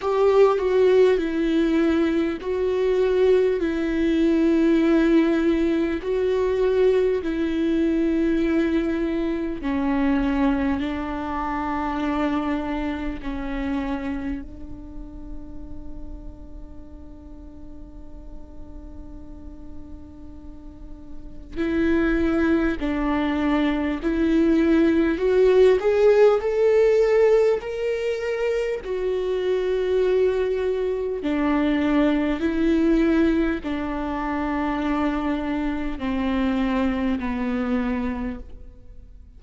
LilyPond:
\new Staff \with { instrumentName = "viola" } { \time 4/4 \tempo 4 = 50 g'8 fis'8 e'4 fis'4 e'4~ | e'4 fis'4 e'2 | cis'4 d'2 cis'4 | d'1~ |
d'2 e'4 d'4 | e'4 fis'8 gis'8 a'4 ais'4 | fis'2 d'4 e'4 | d'2 c'4 b4 | }